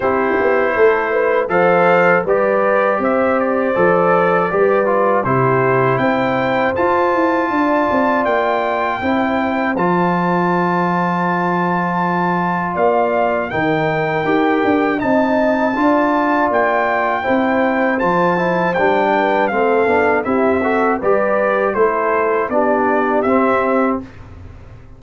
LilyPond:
<<
  \new Staff \with { instrumentName = "trumpet" } { \time 4/4 \tempo 4 = 80 c''2 f''4 d''4 | e''8 d''2~ d''8 c''4 | g''4 a''2 g''4~ | g''4 a''2.~ |
a''4 f''4 g''2 | a''2 g''2 | a''4 g''4 f''4 e''4 | d''4 c''4 d''4 e''4 | }
  \new Staff \with { instrumentName = "horn" } { \time 4/4 g'4 a'8 b'8 c''4 b'4 | c''2 b'4 g'4 | c''2 d''2 | c''1~ |
c''4 d''4 ais'2 | dis''4 d''2 c''4~ | c''4. b'8 a'4 g'8 a'8 | b'4 a'4 g'2 | }
  \new Staff \with { instrumentName = "trombone" } { \time 4/4 e'2 a'4 g'4~ | g'4 a'4 g'8 f'8 e'4~ | e'4 f'2. | e'4 f'2.~ |
f'2 dis'4 g'4 | dis'4 f'2 e'4 | f'8 e'8 d'4 c'8 d'8 e'8 fis'8 | g'4 e'4 d'4 c'4 | }
  \new Staff \with { instrumentName = "tuba" } { \time 4/4 c'8 b8 a4 f4 g4 | c'4 f4 g4 c4 | c'4 f'8 e'8 d'8 c'8 ais4 | c'4 f2.~ |
f4 ais4 dis4 dis'8 d'8 | c'4 d'4 ais4 c'4 | f4 g4 a8 b8 c'4 | g4 a4 b4 c'4 | }
>>